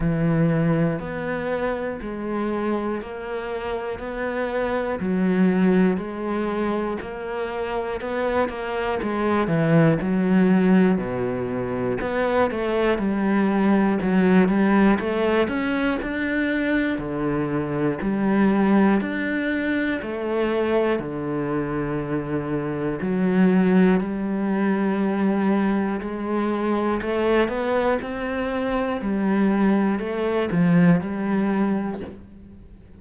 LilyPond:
\new Staff \with { instrumentName = "cello" } { \time 4/4 \tempo 4 = 60 e4 b4 gis4 ais4 | b4 fis4 gis4 ais4 | b8 ais8 gis8 e8 fis4 b,4 | b8 a8 g4 fis8 g8 a8 cis'8 |
d'4 d4 g4 d'4 | a4 d2 fis4 | g2 gis4 a8 b8 | c'4 g4 a8 f8 g4 | }